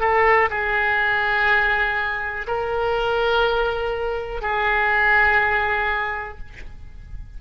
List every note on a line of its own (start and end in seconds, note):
0.00 0.49 A4
0.50 2.47 G#4
2.47 4.41 A#4
4.41 6.38 G#4